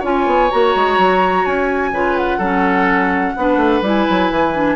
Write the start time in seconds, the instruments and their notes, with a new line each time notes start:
0.00 bassoon C#4, clarinet F4, oboe C#5, flute G#5
0.27 bassoon B3
0.51 bassoon A#3, clarinet F#4, flute A#5
0.76 bassoon G#3
0.98 bassoon F#3
1.46 bassoon C#4, flute G#5
1.92 bassoon C#3, clarinet F4, oboe B4
2.17 flute F#5
2.38 bassoon F#3, clarinet C#4, oboe A4
3.37 bassoon B3, clarinet D4, oboe B4
3.57 bassoon A3
3.82 bassoon G3, clarinet E4, flute G#5
4.10 bassoon F#3
4.31 bassoon E3
4.55 clarinet D4